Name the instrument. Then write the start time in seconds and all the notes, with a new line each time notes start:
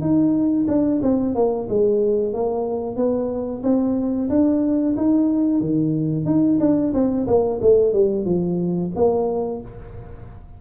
tuba
0.00 D#4
0.67 D4
1.02 C4
1.35 A#3
1.68 G#3
2.33 A#3
2.96 B3
3.63 C4
4.29 D4
4.96 D#4
5.60 D#3
6.25 D#4
6.60 D4
6.93 C4
7.26 A#3
7.61 A3
7.92 G3
8.25 F3
8.95 A#3